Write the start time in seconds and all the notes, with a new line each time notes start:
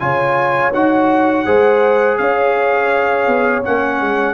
0.00 C#3 F4 C#5 G#5
0.74 D#4 F#4 F#5
1.46 G#3 G#4 C5
2.18 C#4 C#5 F5
3.27 B3
3.64 A#3 C#4 F#5
4.01 G#3